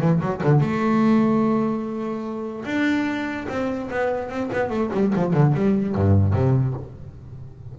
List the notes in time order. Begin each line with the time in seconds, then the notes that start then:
0.00 E3
0.21 F#3
0.43 D3
0.60 A3
2.65 D4
3.48 C4
3.90 B3
4.29 C4
4.52 B3
4.69 A3
4.93 G3
5.15 F3
5.33 D3
5.54 G3
5.95 G2
6.33 C3